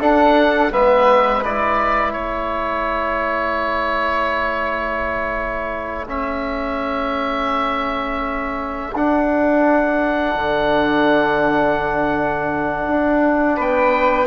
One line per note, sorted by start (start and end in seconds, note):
0.00 0.72 D4
0.00 0.71 A4
0.00 0.73 F#5
0.72 2.15 G#3
0.72 1.44 B3
0.72 2.15 B4
0.72 1.44 E5
1.45 6.08 E4
1.45 2.13 D5
2.13 8.93 A3
2.13 13.56 A4
2.13 6.06 C#5
6.08 8.94 C#4
6.08 8.95 E5
8.95 10.35 D4
8.95 14.28 D4
8.95 13.61 F#5
10.35 12.85 D3
12.88 13.59 D4
13.56 14.28 B3
13.56 14.28 B4
13.56 14.28 G5